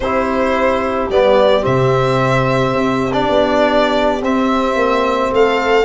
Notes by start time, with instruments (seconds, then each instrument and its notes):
0.00 tuba C4, trombone E4, viola G4, violin C5
1.09 tuba G3, trombone B3, violin D5
1.60 tuba C3, trombone C4, violin E5
2.73 tuba C4
3.12 trombone D4, violin D5
3.28 tuba B3
4.21 tuba C4, trombone C4, violin E5
4.75 tuba A#3
5.31 tuba A3, viola A4, violin F5